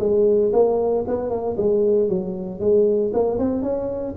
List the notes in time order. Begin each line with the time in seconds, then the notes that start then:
0.00 G#3
0.53 A#3
1.08 B3
1.30 A#3
1.57 G#3
2.09 F#3
2.60 G#3
3.14 A#3
3.39 C4
3.63 C#4